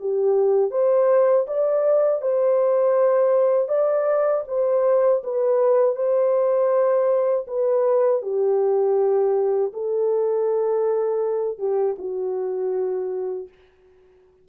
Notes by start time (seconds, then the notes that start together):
0.00 G4
0.71 C5
1.47 D5
2.21 C5
3.69 D5
4.47 C5
5.23 B4
5.96 C5
7.47 B4
8.22 G4
9.73 A4
11.58 G4
11.98 F#4